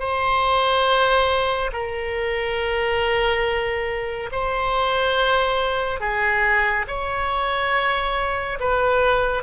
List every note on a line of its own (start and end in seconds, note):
0.00 1.71 C5
1.73 4.30 A#4
4.32 6.00 C5
6.00 6.86 G#4
6.88 8.59 C#5
8.60 9.43 B4